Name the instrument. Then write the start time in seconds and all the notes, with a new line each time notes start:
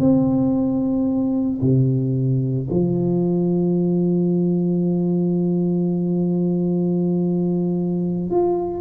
tuba
0.00 C4
1.62 C3
2.70 F3
8.31 F4